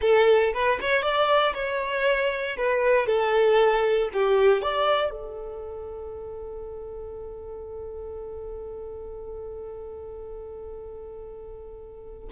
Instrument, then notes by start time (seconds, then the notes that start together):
violin
0.01 A4
0.53 B4
0.80 C#5
1.02 D5
1.54 C#5
2.57 B4
3.07 A4
4.13 G4
4.62 D5
5.10 A4